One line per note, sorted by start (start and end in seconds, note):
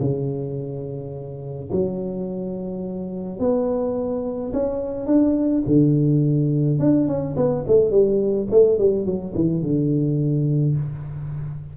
0.00 1.70 C#3
1.72 3.39 F#3
3.39 4.53 B3
4.53 5.07 C#4
5.07 5.63 D4
5.67 6.80 D3
6.80 7.08 D4
7.08 7.36 C#4
7.36 7.65 B3
7.67 7.91 A3
7.91 8.48 G3
8.51 8.79 A3
8.79 9.06 G3
9.06 9.34 F#3
9.35 9.62 E3
9.62 10.75 D3